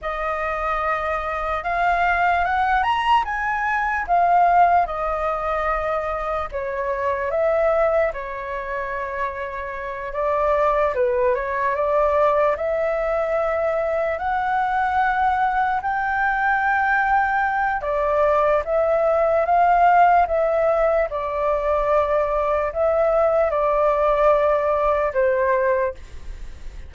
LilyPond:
\new Staff \with { instrumentName = "flute" } { \time 4/4 \tempo 4 = 74 dis''2 f''4 fis''8 ais''8 | gis''4 f''4 dis''2 | cis''4 e''4 cis''2~ | cis''8 d''4 b'8 cis''8 d''4 e''8~ |
e''4. fis''2 g''8~ | g''2 d''4 e''4 | f''4 e''4 d''2 | e''4 d''2 c''4 | }